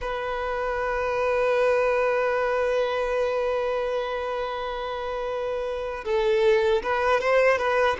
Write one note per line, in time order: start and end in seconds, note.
0.01 6.04 B4
6.04 6.82 A4
6.82 7.20 B4
7.20 7.58 C5
7.58 7.97 B4